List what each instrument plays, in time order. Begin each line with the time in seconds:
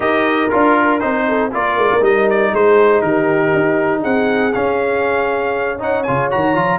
0.00 tuba D#4, trombone G4, horn A#4, trumpet D#5
0.49 tuba D4, trombone F4, trumpet A#4
1.00 tuba C4, trombone D#4, trumpet C5
1.27 horn A4
1.51 tuba A#3, trombone F4, horn A#4, trumpet D5
1.77 tuba G#3
1.91 tuba A#3
2.00 tuba G3, trombone D#4, trumpet D#5
2.30 trumpet D5
2.52 tuba G#3, horn G#4, trumpet C5
3.01 tuba D#3, horn G4, trumpet A#4
3.54 tuba D#4
4.01 tuba C4, horn G#4, trumpet F#5
4.52 trombone C#4, tuba C#4, trumpet F5
5.78 trombone D#4, horn C#5, trumpet F#5
6.03 tuba C#3, trombone F4, trumpet G#5
6.30 tuba D#3, trombone F#4, trumpet A#5
6.55 tuba F3, trombone F4